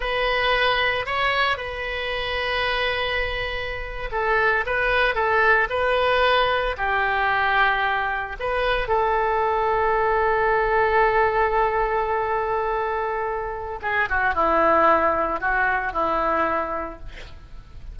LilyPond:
\new Staff \with { instrumentName = "oboe" } { \time 4/4 \tempo 4 = 113 b'2 cis''4 b'4~ | b'2.~ b'8. a'16~ | a'8. b'4 a'4 b'4~ b'16~ | b'8. g'2. b'16~ |
b'8. a'2.~ a'16~ | a'1~ | a'2 gis'8 fis'8 e'4~ | e'4 fis'4 e'2 | }